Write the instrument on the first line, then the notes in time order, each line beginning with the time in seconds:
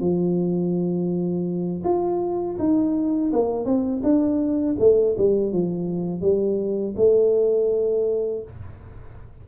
tuba
0.00 F3
1.84 F4
2.59 D#4
3.33 A#3
3.66 C4
4.03 D4
4.80 A3
5.18 G3
5.52 F3
6.22 G3
6.96 A3